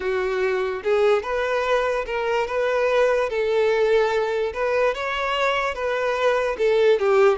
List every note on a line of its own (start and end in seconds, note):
0.00 0.82 F#4
0.83 1.23 G#4
1.23 2.05 B4
2.05 2.47 A#4
2.47 3.29 B4
3.29 4.52 A4
4.53 4.94 B4
4.94 5.74 C#5
5.74 6.56 B4
6.58 6.99 A4
6.99 7.38 G4